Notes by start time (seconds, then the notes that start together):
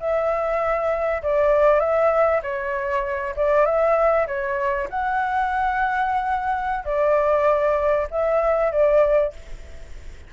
0.00 E5
1.23 D5
1.80 E5
2.43 C#5
3.36 D5
3.65 E5
4.27 C#5
4.90 F#5
6.85 D5
8.11 E5
8.72 D5